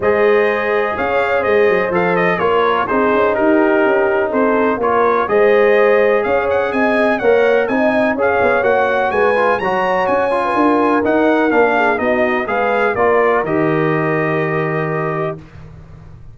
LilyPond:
<<
  \new Staff \with { instrumentName = "trumpet" } { \time 4/4 \tempo 4 = 125 dis''2 f''4 dis''4 | f''8 dis''8 cis''4 c''4 ais'4~ | ais'4 c''4 cis''4 dis''4~ | dis''4 f''8 fis''8 gis''4 fis''4 |
gis''4 f''4 fis''4 gis''4 | ais''4 gis''2 fis''4 | f''4 dis''4 f''4 d''4 | dis''1 | }
  \new Staff \with { instrumentName = "horn" } { \time 4/4 c''2 cis''4 c''4~ | c''4 ais'4 gis'4 g'4~ | g'4 a'4 ais'4 c''4~ | c''4 cis''4 dis''4 cis''4 |
dis''4 cis''2 b'4 | cis''4.~ cis''16 b'16 ais'2~ | ais'8 gis'8 fis'4 b'4 ais'4~ | ais'1 | }
  \new Staff \with { instrumentName = "trombone" } { \time 4/4 gis'1 | a'4 f'4 dis'2~ | dis'2 f'4 gis'4~ | gis'2. ais'4 |
dis'4 gis'4 fis'4. f'8 | fis'4. f'4. dis'4 | d'4 dis'4 gis'4 f'4 | g'1 | }
  \new Staff \with { instrumentName = "tuba" } { \time 4/4 gis2 cis'4 gis8 fis8 | f4 ais4 c'8 cis'8 dis'4 | cis'4 c'4 ais4 gis4~ | gis4 cis'4 c'4 ais4 |
c'4 cis'8 b8 ais4 gis4 | fis4 cis'4 d'4 dis'4 | ais4 b4 gis4 ais4 | dis1 | }
>>